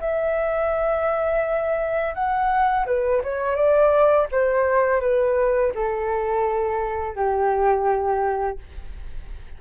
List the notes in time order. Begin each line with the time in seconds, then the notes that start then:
0.00 E5
2.14 F#5
2.86 B4
3.23 C#5
3.56 D5
4.32 C5
5.01 B4
5.75 A4
7.15 G4